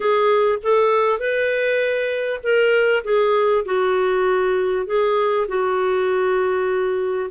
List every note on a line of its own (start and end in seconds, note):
0.00 0.58 G#4
0.62 1.19 A4
1.19 2.40 B4
2.43 3.03 A#4
3.04 3.64 G#4
3.65 4.86 F#4
4.86 5.47 G#4
5.48 7.29 F#4